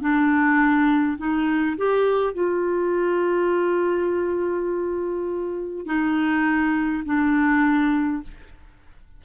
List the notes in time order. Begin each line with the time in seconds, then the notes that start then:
0.00 D4
1.18 D#4
1.77 G4
2.34 F4
5.86 D#4
7.05 D4